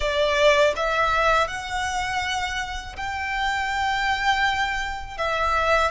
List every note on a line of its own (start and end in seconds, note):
0.00 0.74 D5
0.76 1.47 E5
1.47 2.96 F#5
2.96 5.17 G5
5.17 5.91 E5